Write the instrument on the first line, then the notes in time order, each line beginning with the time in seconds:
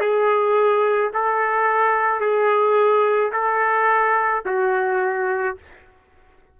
trumpet
0.00 G#4
1.14 A4
2.21 G#4
3.33 A4
4.45 F#4